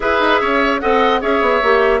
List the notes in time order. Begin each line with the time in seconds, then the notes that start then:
0.00 E4 G#4 B4 E5
0.20 D#4
0.40 C#4 C#5
0.80 C4 A4 D#5 F#5
1.20 C#4 G#4 C#5 E5
1.41 B3
1.62 A#3 G4